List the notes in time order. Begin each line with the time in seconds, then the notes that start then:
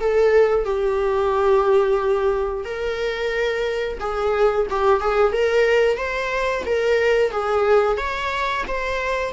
0.00 A4
0.65 G4
2.65 A#4
4.00 G#4
4.70 G4
5.00 G#4
5.32 A#4
5.97 C5
6.65 A#4
7.31 G#4
7.97 C#5
8.68 C5